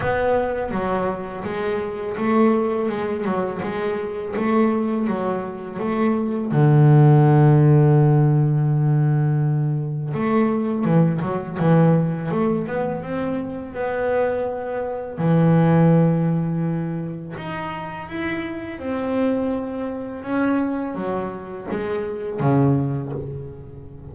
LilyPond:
\new Staff \with { instrumentName = "double bass" } { \time 4/4 \tempo 4 = 83 b4 fis4 gis4 a4 | gis8 fis8 gis4 a4 fis4 | a4 d2.~ | d2 a4 e8 fis8 |
e4 a8 b8 c'4 b4~ | b4 e2. | dis'4 e'4 c'2 | cis'4 fis4 gis4 cis4 | }